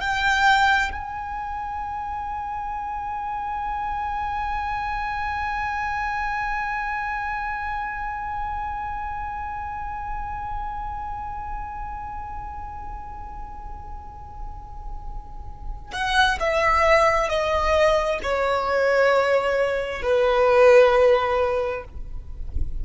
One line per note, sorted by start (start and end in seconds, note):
0.00 0.91 G5
0.91 15.91 G#5
15.93 16.38 F#5
16.40 17.29 E5
17.29 18.19 D#5
18.23 20.02 C#5
20.02 21.84 B4